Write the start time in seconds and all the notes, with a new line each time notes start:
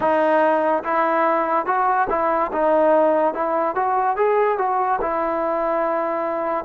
0.00 D#4
0.83 E4
1.66 F#4
2.09 E4
2.52 D#4
3.34 E4
3.75 F#4
4.16 G#4
4.58 F#4
5.01 E4